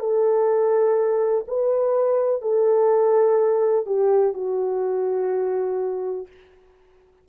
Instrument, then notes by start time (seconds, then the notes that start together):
horn
0.00 A4
1.48 B4
2.42 A4
3.86 G4
4.34 F#4